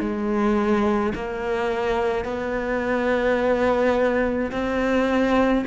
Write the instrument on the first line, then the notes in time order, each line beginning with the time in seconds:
cello
0.00 G#3
1.15 A#3
2.25 B3
4.52 C4